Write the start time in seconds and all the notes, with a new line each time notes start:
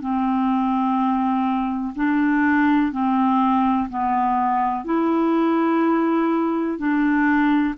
0.00 C4
1.95 D4
2.92 C4
3.89 B3
4.84 E4
6.78 D4